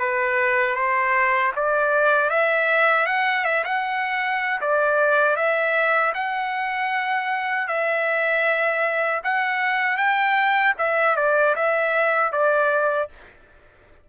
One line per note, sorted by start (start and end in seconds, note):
0.00 0.76 B4
0.76 1.53 C5
1.56 2.30 D5
2.30 3.07 E5
3.07 3.45 F#5
3.45 3.64 E5
3.65 4.61 F#5
4.62 5.36 D5
5.36 6.13 E5
6.15 7.68 F#5
7.68 9.22 E5
9.24 9.98 F#5
9.98 10.74 G5
10.79 11.17 E5
11.17 11.55 D5
11.56 12.33 E5
12.33 13.09 D5